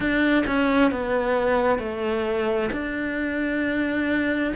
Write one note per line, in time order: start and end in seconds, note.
0.00 0.44 D4
0.46 0.91 C#4
0.91 1.79 B3
1.79 2.69 A3
2.71 4.53 D4